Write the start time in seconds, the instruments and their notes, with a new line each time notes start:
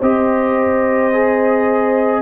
0.00 tuba C4, trombone G4, horn C5, trumpet D#5
1.14 trombone G#4